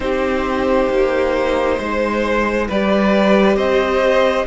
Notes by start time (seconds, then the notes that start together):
0.00 C4 D#4 G4 C5
0.89 A#3
1.77 G#3 C5
2.68 G3 G4 B4 D5
3.56 C4 C5 D#5